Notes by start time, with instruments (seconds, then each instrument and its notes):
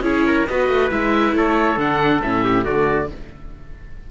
0.00 cello C#4, viola E4, trumpet G#4, oboe C#5
0.27 trumpet A#4
0.47 cello B3, viola F#4, trumpet B4, oboe D#5
0.69 cello A3
0.90 cello G#3, viola E4, oboe E5
1.33 cello A3, trumpet A4, oboe C#5
1.77 cello D3, viola D4, oboe F#5
2.22 cello A2, viola C#4, oboe E5
2.44 trumpet G4
2.64 cello D3, viola A3, trumpet F#4, oboe D5